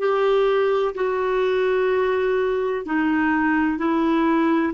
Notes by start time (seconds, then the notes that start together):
0.00 G4
0.95 F#4
2.86 D#4
3.78 E4